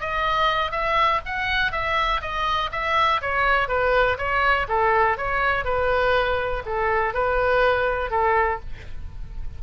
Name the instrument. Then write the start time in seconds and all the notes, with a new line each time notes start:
oboe
0.00 D#5
0.71 E5
1.25 F#5
1.72 E5
2.21 D#5
2.72 E5
3.21 C#5
3.68 B4
4.18 C#5
4.68 A4
5.17 C#5
5.64 B4
6.66 A4
7.14 B4
8.11 A4